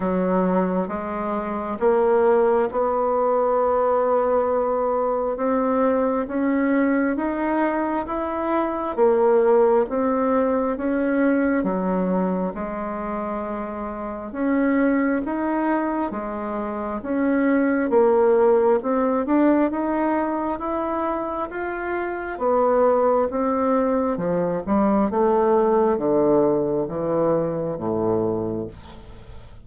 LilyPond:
\new Staff \with { instrumentName = "bassoon" } { \time 4/4 \tempo 4 = 67 fis4 gis4 ais4 b4~ | b2 c'4 cis'4 | dis'4 e'4 ais4 c'4 | cis'4 fis4 gis2 |
cis'4 dis'4 gis4 cis'4 | ais4 c'8 d'8 dis'4 e'4 | f'4 b4 c'4 f8 g8 | a4 d4 e4 a,4 | }